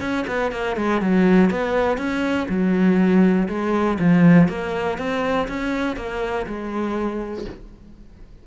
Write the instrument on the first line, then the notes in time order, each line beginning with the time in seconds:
cello
0.00 C#4
0.27 B3
0.51 A#3
0.76 G#3
1.01 F#3
1.50 B3
1.97 C#4
2.49 F#3
3.48 G#3
3.99 F3
4.48 A#3
4.98 C4
5.48 C#4
5.96 A#3
6.46 G#3